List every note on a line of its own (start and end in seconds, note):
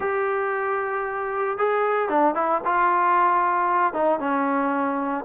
0.00 1.58 G4
1.58 2.09 G#4
2.09 2.34 D4
2.34 2.61 E4
2.64 3.93 F4
3.93 4.19 D#4
4.19 5.24 C#4